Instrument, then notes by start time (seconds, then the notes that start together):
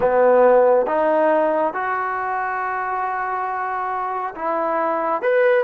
trombone
0.00 B3
0.86 D#4
1.73 F#4
4.35 E4
5.22 B4